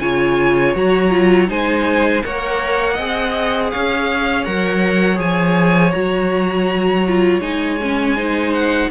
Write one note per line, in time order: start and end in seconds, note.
0.00 0.75 C#3
0.00 0.76 F4
0.00 1.50 C#5
0.00 0.74 G#5
0.75 1.49 F#3
0.75 1.11 F#4
0.75 1.50 A#5
1.11 1.48 F4
1.48 2.23 G#3
1.48 2.22 D#4
1.48 2.24 C5
1.48 2.24 G#5
2.24 2.99 A#3
2.24 2.98 A#4
2.24 2.94 C#5
2.24 3.71 F#5
2.94 3.73 C4
2.94 4.45 G#4
2.94 3.68 D#5
3.71 4.47 C#4
3.71 8.16 C#5
3.71 4.45 F5
4.45 5.19 F#3
4.45 5.15 A#4
4.45 5.19 F#5
5.15 5.93 F3
5.15 5.90 G#4
5.15 5.92 G#5
5.92 7.40 F#3
5.92 7.04 F#4
5.92 7.40 A#5
7.08 7.41 F4
7.40 8.88 G#3
7.40 7.78 D#4
7.40 8.53 G#5
7.82 8.17 C#4
8.16 8.91 D#4
8.16 8.90 C5
8.54 8.91 F#5